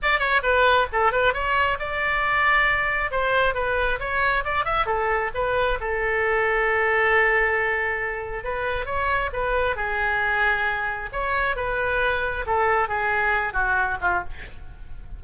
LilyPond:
\new Staff \with { instrumentName = "oboe" } { \time 4/4 \tempo 4 = 135 d''8 cis''8 b'4 a'8 b'8 cis''4 | d''2. c''4 | b'4 cis''4 d''8 e''8 a'4 | b'4 a'2.~ |
a'2. b'4 | cis''4 b'4 gis'2~ | gis'4 cis''4 b'2 | a'4 gis'4. fis'4 f'8 | }